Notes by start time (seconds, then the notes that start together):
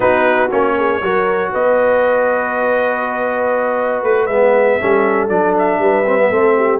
0.00 B3 D#4 F#4 B4
0.51 A#3 C#4 C#5
0.77 G#4
1.01 F#3 F#4 A#4
1.52 B3 B4 D#5
4.02 A3 B4
4.26 G#3 B3 E5
4.79 G3 C#4 A4
5.28 F#3 D4 D5
5.58 E5
5.78 G3 B4
6.06 C4
6.18 B3
6.30 A3 C4 A4
6.56 G4